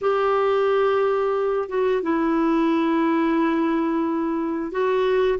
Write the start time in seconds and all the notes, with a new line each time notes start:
0.01 G4
1.68 F#4
2.02 E4
4.71 F#4